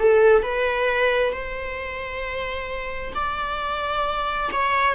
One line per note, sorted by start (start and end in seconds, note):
0.00 0.43 A4
0.43 1.33 B4
1.33 3.14 C5
3.15 4.50 D5
4.53 4.95 C#5